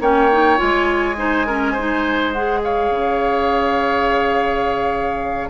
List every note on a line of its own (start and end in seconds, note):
0.00 0.58 A#3
0.00 0.30 C#4
0.00 1.16 C#5
0.00 0.58 G5
0.31 0.56 D#4
0.56 2.90 G#3
0.56 1.14 F4
0.56 2.31 G#5
1.17 1.46 D#4
1.17 1.46 C5
1.46 1.77 C#4
1.46 1.72 A#4
1.72 2.34 D#4
1.72 2.59 C5
2.32 5.49 G#4
2.32 2.61 F#5
2.63 5.49 C#5
2.63 5.49 F5
2.90 5.49 C#3